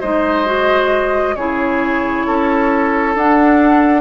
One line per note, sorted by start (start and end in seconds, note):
0.00 1.35 G#3
0.00 0.45 D#4
0.00 1.34 C5
0.00 1.35 D#5
0.45 1.35 F#4
1.35 2.25 C#3
1.35 3.17 E4
1.35 2.26 G#4
1.35 3.14 C#5
2.26 3.15 C#4
2.26 4.01 A4
3.15 4.01 D4
3.15 4.01 F#5